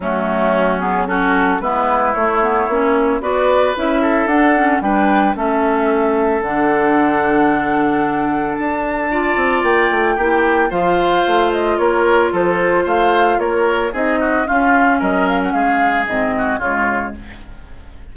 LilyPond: <<
  \new Staff \with { instrumentName = "flute" } { \time 4/4 \tempo 4 = 112 fis'4. gis'8 a'4 b'4 | cis''2 d''4 e''4 | fis''4 g''4 e''2 | fis''1 |
a''2 g''2 | f''4. dis''8 cis''4 c''4 | f''4 cis''4 dis''4 f''4 | dis''8 f''16 fis''16 f''4 dis''4 cis''4 | }
  \new Staff \with { instrumentName = "oboe" } { \time 4/4 cis'2 fis'4 e'4~ | e'2 b'4. a'8~ | a'4 b'4 a'2~ | a'1~ |
a'4 d''2 g'4 | c''2 ais'4 a'4 | c''4 ais'4 gis'8 fis'8 f'4 | ais'4 gis'4. fis'8 f'4 | }
  \new Staff \with { instrumentName = "clarinet" } { \time 4/4 a4. b8 cis'4 b4 | a8 b8 cis'4 fis'4 e'4 | d'8 cis'8 d'4 cis'2 | d'1~ |
d'4 f'2 e'4 | f'1~ | f'2 dis'4 cis'4~ | cis'2 c'4 gis4 | }
  \new Staff \with { instrumentName = "bassoon" } { \time 4/4 fis2. gis4 | a4 ais4 b4 cis'4 | d'4 g4 a2 | d1 |
d'4. c'8 ais8 a8 ais4 | f4 a4 ais4 f4 | a4 ais4 c'4 cis'4 | fis4 gis4 gis,4 cis4 | }
>>